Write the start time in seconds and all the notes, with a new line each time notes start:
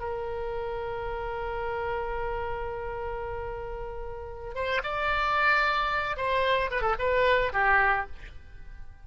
0.00 A#4
4.55 C5
4.83 D5
6.17 C5
6.71 B4
6.82 A4
6.99 B4
7.53 G4